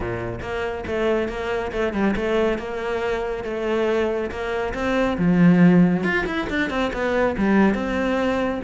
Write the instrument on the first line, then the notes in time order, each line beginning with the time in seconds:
cello
0.00 A#2
0.41 A#3
0.86 A3
1.28 A#3
1.71 A3
1.93 G3
2.16 A3
2.58 A#3
3.44 A3
4.30 A#3
4.73 C4
5.17 F3
6.03 F4
6.26 E4
6.49 D4
6.69 C4
6.93 B3
7.37 G3
7.74 C4